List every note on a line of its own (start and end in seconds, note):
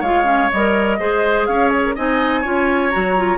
0.00 0.50 G#3
0.00 0.24 F4
0.00 0.97 C#5
0.00 0.51 F5
0.24 0.48 C#4
0.51 0.99 G3
0.51 1.00 A#4
0.51 1.46 D#5
0.99 1.48 G#3
0.99 1.96 G#4
0.99 1.48 C5
1.46 1.96 C#4
1.46 1.95 C#5
1.46 1.69 F5
1.69 1.81 G#4
1.84 1.96 A#4
1.95 2.45 C4
1.95 2.44 D#4
1.95 2.41 D#5
1.95 2.90 G#5
2.41 2.93 C#4
2.41 2.91 F4
2.41 3.38 C#5
2.90 3.38 F#3
2.90 3.16 F#4
2.90 3.38 A#5
3.17 3.38 F4